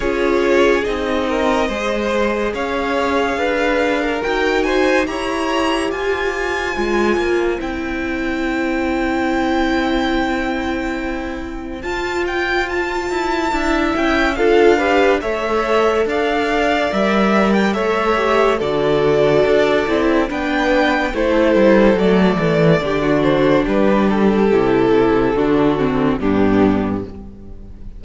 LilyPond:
<<
  \new Staff \with { instrumentName = "violin" } { \time 4/4 \tempo 4 = 71 cis''4 dis''2 f''4~ | f''4 g''8 gis''8 ais''4 gis''4~ | gis''4 g''2.~ | g''2 a''8 g''8 a''4~ |
a''8 g''8 f''4 e''4 f''4 | e''8. g''16 e''4 d''2 | g''4 c''4 d''4. c''8 | b'8 a'2~ a'8 g'4 | }
  \new Staff \with { instrumentName = "violin" } { \time 4/4 gis'4. ais'8 c''4 cis''4 | b'8. ais'8. c''8 cis''4 c''4~ | c''1~ | c''1 |
e''4 a'8 b'8 cis''4 d''4~ | d''4 cis''4 a'2 | b'4 a'2 g'16 fis'8. | g'2 fis'4 d'4 | }
  \new Staff \with { instrumentName = "viola" } { \time 4/4 f'4 dis'4 gis'2~ | gis'4 fis'4 g'2 | f'4 e'2.~ | e'2 f'2 |
e'4 f'8 g'8 a'2 | ais'4 a'8 g'8 fis'4. e'8 | d'4 e'4 a4 d'4~ | d'4 e'4 d'8 c'8 b4 | }
  \new Staff \with { instrumentName = "cello" } { \time 4/4 cis'4 c'4 gis4 cis'4 | d'4 dis'4 e'4 f'4 | gis8 ais8 c'2.~ | c'2 f'4. e'8 |
d'8 cis'8 d'4 a4 d'4 | g4 a4 d4 d'8 c'8 | b4 a8 g8 fis8 e8 d4 | g4 c4 d4 g,4 | }
>>